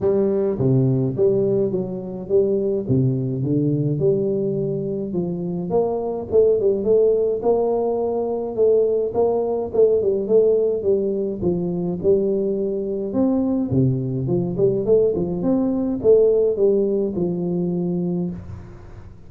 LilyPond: \new Staff \with { instrumentName = "tuba" } { \time 4/4 \tempo 4 = 105 g4 c4 g4 fis4 | g4 c4 d4 g4~ | g4 f4 ais4 a8 g8 | a4 ais2 a4 |
ais4 a8 g8 a4 g4 | f4 g2 c'4 | c4 f8 g8 a8 f8 c'4 | a4 g4 f2 | }